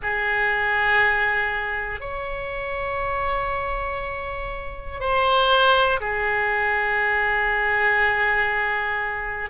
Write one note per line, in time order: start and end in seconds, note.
0.02 2.00 G#4
2.00 5.00 C#5
5.00 6.00 C5
6.00 9.50 G#4